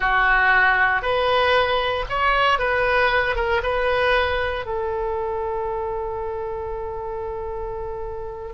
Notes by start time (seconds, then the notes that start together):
0.00 F#4
1.01 B4
2.09 C#5
2.58 B4
3.35 A#4
3.62 B4
4.65 A4